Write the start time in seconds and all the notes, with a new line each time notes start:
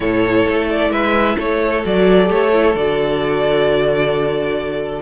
0.00 A2 E4 A4 C#5
0.48 A3
0.69 D5
0.90 G#3 B4 E5
1.36 A3 A4 C#5
1.83 F#3 F#4 D5
2.26 A3 G4 C#5
2.52 E4
2.74 D3 F#4 D5